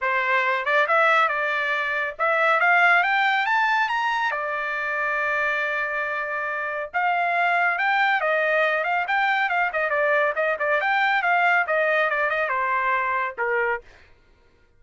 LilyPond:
\new Staff \with { instrumentName = "trumpet" } { \time 4/4 \tempo 4 = 139 c''4. d''8 e''4 d''4~ | d''4 e''4 f''4 g''4 | a''4 ais''4 d''2~ | d''1 |
f''2 g''4 dis''4~ | dis''8 f''8 g''4 f''8 dis''8 d''4 | dis''8 d''8 g''4 f''4 dis''4 | d''8 dis''8 c''2 ais'4 | }